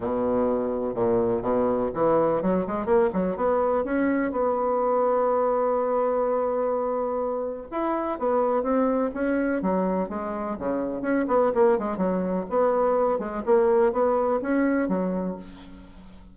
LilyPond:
\new Staff \with { instrumentName = "bassoon" } { \time 4/4 \tempo 4 = 125 b,2 ais,4 b,4 | e4 fis8 gis8 ais8 fis8 b4 | cis'4 b2.~ | b1 |
e'4 b4 c'4 cis'4 | fis4 gis4 cis4 cis'8 b8 | ais8 gis8 fis4 b4. gis8 | ais4 b4 cis'4 fis4 | }